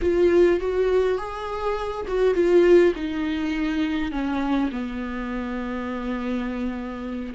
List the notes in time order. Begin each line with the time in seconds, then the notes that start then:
0.01 F4
0.60 F#4
1.18 G#4
2.07 F#4
2.34 F4
2.95 D#4
4.11 C#4
4.71 B3